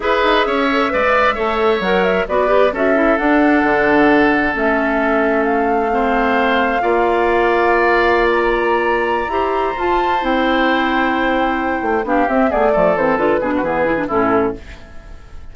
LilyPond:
<<
  \new Staff \with { instrumentName = "flute" } { \time 4/4 \tempo 4 = 132 e''1 | fis''8 e''8 d''4 e''4 fis''4~ | fis''2 e''2 | f''1~ |
f''2~ f''16 ais''4.~ ais''16~ | ais''4. a''4 g''4.~ | g''2~ g''8 f''8 e''8 d''8~ | d''8 c''8 b'2 a'4 | }
  \new Staff \with { instrumentName = "oboe" } { \time 4/4 b'4 cis''4 d''4 cis''4~ | cis''4 b'4 a'2~ | a'1~ | a'4 c''2 d''4~ |
d''1~ | d''8 c''2.~ c''8~ | c''2~ c''8 g'4 gis'8 | a'4. gis'16 fis'16 gis'4 e'4 | }
  \new Staff \with { instrumentName = "clarinet" } { \time 4/4 gis'4. a'8 b'4 a'4 | ais'4 fis'8 g'8 fis'8 e'8 d'4~ | d'2 cis'2~ | cis'4 c'2 f'4~ |
f'1~ | f'8 g'4 f'4 e'4.~ | e'2~ e'8 d'8 c'8 b8 | a8 c'8 f'8 d'8 b8 e'16 d'16 cis'4 | }
  \new Staff \with { instrumentName = "bassoon" } { \time 4/4 e'8 dis'8 cis'4 gis4 a4 | fis4 b4 cis'4 d'4 | d2 a2~ | a2. ais4~ |
ais1~ | ais8 e'4 f'4 c'4.~ | c'2 a8 b8 c'8 a8 | f8 e8 d8 b,8 e4 a,4 | }
>>